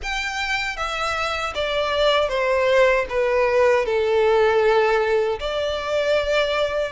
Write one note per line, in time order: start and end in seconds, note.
0.02 0.76 G5
0.76 1.53 E5
1.55 2.28 D5
2.28 3.05 C5
3.09 3.85 B4
3.85 5.39 A4
5.39 6.92 D5